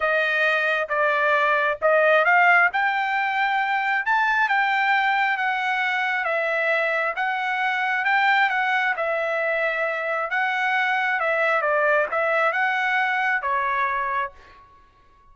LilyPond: \new Staff \with { instrumentName = "trumpet" } { \time 4/4 \tempo 4 = 134 dis''2 d''2 | dis''4 f''4 g''2~ | g''4 a''4 g''2 | fis''2 e''2 |
fis''2 g''4 fis''4 | e''2. fis''4~ | fis''4 e''4 d''4 e''4 | fis''2 cis''2 | }